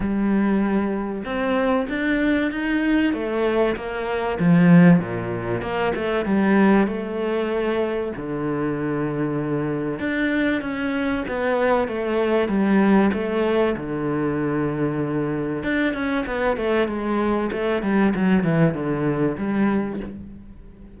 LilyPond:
\new Staff \with { instrumentName = "cello" } { \time 4/4 \tempo 4 = 96 g2 c'4 d'4 | dis'4 a4 ais4 f4 | ais,4 ais8 a8 g4 a4~ | a4 d2. |
d'4 cis'4 b4 a4 | g4 a4 d2~ | d4 d'8 cis'8 b8 a8 gis4 | a8 g8 fis8 e8 d4 g4 | }